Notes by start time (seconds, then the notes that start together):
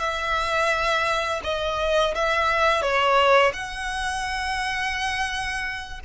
0.00 E5
1.44 D#5
2.15 E5
2.82 C#5
3.53 F#5